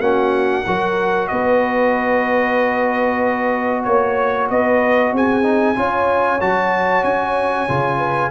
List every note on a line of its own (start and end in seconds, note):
0.00 0.64 A#3
0.00 0.64 C#4
0.00 0.65 F#4
0.00 1.28 F#5
0.66 1.31 F#3
0.66 5.43 F#4
0.66 1.30 A#4
1.28 3.87 B3
1.28 3.87 B4
1.28 3.83 D#5
3.84 4.50 A#3
3.84 4.47 C#5
3.84 4.50 C#5
4.50 5.12 B3
4.50 5.14 B4
4.50 5.14 D#5
5.12 5.76 C4
5.12 5.77 G#4
5.12 6.41 G#5
5.43 5.75 D#4
5.75 6.41 C#4
5.75 6.39 F4
5.75 7.98 C#5
6.41 7.03 F#3
6.41 7.68 F#4
6.41 7.04 A5
7.03 7.67 C#4
7.03 8.31 G#5
7.68 8.31 C#3
7.68 8.31 F4
7.98 8.30 B4